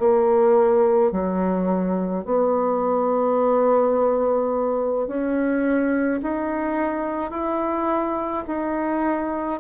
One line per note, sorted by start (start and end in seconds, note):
0.00 1.12 A#3
1.12 2.25 F#3
2.25 5.07 B3
5.07 6.21 C#4
6.23 7.31 D#4
7.31 8.44 E4
8.48 9.61 D#4